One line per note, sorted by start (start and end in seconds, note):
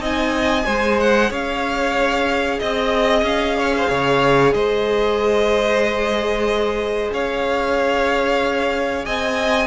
0.00 0.65 C4
0.00 0.65 D#4
0.00 0.66 D#5
0.00 1.00 G#5
0.66 1.31 G#3
0.66 9.67 G#4
0.66 1.30 C5
1.00 1.33 F#5
1.31 2.60 C#4
1.31 2.60 C#5
1.31 2.60 F5
2.60 3.23 C4
2.60 3.24 D#5
2.60 3.58 D#5
3.23 3.87 C#4
3.23 4.54 F5
3.58 3.74 C#5
3.77 3.90 C5
3.90 4.54 C#3
3.90 4.54 C#5
4.54 7.12 G#3
4.54 7.14 C5
4.54 7.12 D#5
7.12 9.06 C#4
7.12 9.06 C#5
7.12 9.06 F5
9.06 9.67 C4
9.06 9.67 D#5
9.06 9.67 G#5